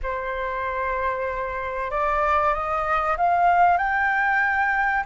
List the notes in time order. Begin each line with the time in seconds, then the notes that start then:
0.02 C5
1.90 D5
2.53 D#5
3.17 F5
3.77 G5